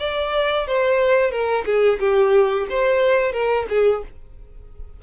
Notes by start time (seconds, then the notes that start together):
0.00 D5
0.67 C5
1.31 A#4
1.66 G#4
2.00 G4
2.70 C5
3.33 A#4
3.70 G#4